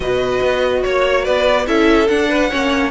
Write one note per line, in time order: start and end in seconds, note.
0.00 0.39 B2
0.00 1.65 F#4
0.00 0.84 B4
0.00 0.83 D#5
0.42 0.84 B3
0.83 1.27 A#3
0.83 1.24 C#5
0.83 1.23 C#5
1.23 1.67 B3
1.23 1.64 B4
1.23 1.66 D5
1.66 2.09 C#4
1.66 2.08 E4
1.66 2.29 A4
1.66 2.07 E5
2.07 2.50 D4
2.07 2.51 D4
2.07 2.90 F#5
2.29 2.50 B4
2.50 2.91 A#3
2.50 2.91 C#4
2.50 2.91 C#5